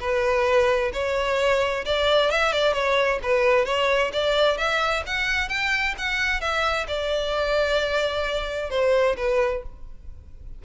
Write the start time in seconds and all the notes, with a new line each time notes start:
0.00 B4
0.93 C#5
1.85 D5
2.30 E5
2.52 D5
2.73 C#5
3.23 B4
3.65 C#5
4.12 D5
4.57 E5
5.06 F#5
5.49 G5
5.98 F#5
6.40 E5
6.87 D5
8.70 C5
9.17 B4